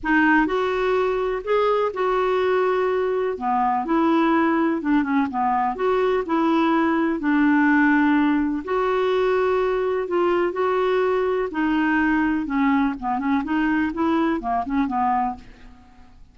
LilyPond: \new Staff \with { instrumentName = "clarinet" } { \time 4/4 \tempo 4 = 125 dis'4 fis'2 gis'4 | fis'2. b4 | e'2 d'8 cis'8 b4 | fis'4 e'2 d'4~ |
d'2 fis'2~ | fis'4 f'4 fis'2 | dis'2 cis'4 b8 cis'8 | dis'4 e'4 ais8 cis'8 b4 | }